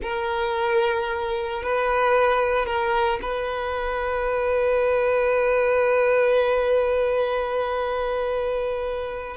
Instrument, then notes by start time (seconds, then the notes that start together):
violin
0.02 A#4
1.62 B4
2.66 A#4
3.22 B4